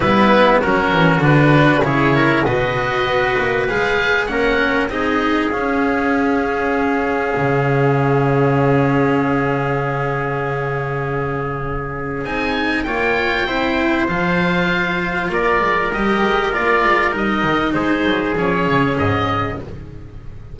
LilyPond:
<<
  \new Staff \with { instrumentName = "oboe" } { \time 4/4 \tempo 4 = 98 b'4 ais'4 b'4 cis''4 | dis''2 f''4 fis''4 | dis''4 f''2.~ | f''1~ |
f''1 | gis''4 g''2 f''4~ | f''4 d''4 dis''4 d''4 | dis''4 c''4 cis''4 dis''4 | }
  \new Staff \with { instrumentName = "trumpet" } { \time 4/4 e'4 fis'2 gis'8 ais'8 | b'2. ais'4 | gis'1~ | gis'1~ |
gis'1~ | gis'4 cis''4 c''2~ | c''4 ais'2.~ | ais'4 gis'2. | }
  \new Staff \with { instrumentName = "cello" } { \time 4/4 b4 cis'4 d'4 e'4 | fis'2 gis'4 cis'4 | dis'4 cis'2.~ | cis'1~ |
cis'1 | dis'4 f'4 e'4 f'4~ | f'2 g'4 f'4 | dis'2 cis'2 | }
  \new Staff \with { instrumentName = "double bass" } { \time 4/4 g4 fis8 e8 d4 cis4 | b,4 b8 ais8 gis4 ais4 | c'4 cis'2. | cis1~ |
cis1 | c'4 ais4 c'4 f4~ | f4 ais8 gis8 g8 gis8 ais8 gis8 | g8 dis8 gis8 fis8 f8 cis8 gis,4 | }
>>